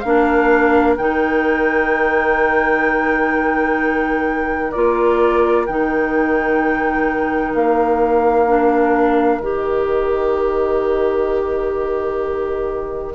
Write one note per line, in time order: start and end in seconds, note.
0.00 0.98 A#3
0.00 0.98 D4
0.00 13.14 A#4
0.00 0.94 F5
0.96 4.73 D#3
0.96 4.73 D#4
0.96 4.71 G5
4.71 5.68 A#3
4.71 5.68 F4
4.71 5.65 D5
5.66 7.54 D#3
5.66 8.47 D#4
5.66 7.53 G5
7.54 9.40 A#3
7.54 9.42 F5
8.47 9.41 D4
9.40 13.14 D#3
9.40 13.14 G4
9.40 13.14 D#5